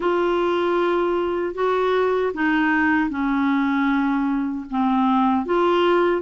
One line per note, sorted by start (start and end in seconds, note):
0.00 1.54 F4
1.54 2.32 F#4
2.34 3.09 D#4
3.09 4.65 C#4
4.70 5.45 C4
5.45 6.21 F4